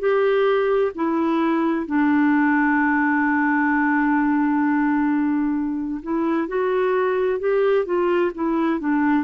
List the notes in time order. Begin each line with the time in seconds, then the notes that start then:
0.00 G4
0.95 E4
1.87 D4
6.03 E4
6.48 F#4
7.40 G4
7.86 F4
8.35 E4
8.80 D4